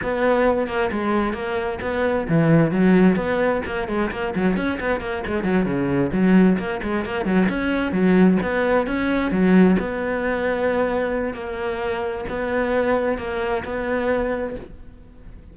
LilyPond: \new Staff \with { instrumentName = "cello" } { \time 4/4 \tempo 4 = 132 b4. ais8 gis4 ais4 | b4 e4 fis4 b4 | ais8 gis8 ais8 fis8 cis'8 b8 ais8 gis8 | fis8 cis4 fis4 ais8 gis8 ais8 |
fis8 cis'4 fis4 b4 cis'8~ | cis'8 fis4 b2~ b8~ | b4 ais2 b4~ | b4 ais4 b2 | }